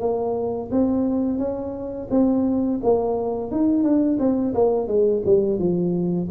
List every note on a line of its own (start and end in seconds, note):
0.00 0.70 A#3
0.71 1.38 C4
1.38 2.08 C#4
2.10 2.80 C4
2.83 3.51 A#3
3.51 3.83 D#4
3.83 4.18 D4
4.19 4.54 C4
4.54 4.87 A#3
4.87 5.22 G#3
5.25 5.58 G3
5.58 6.28 F3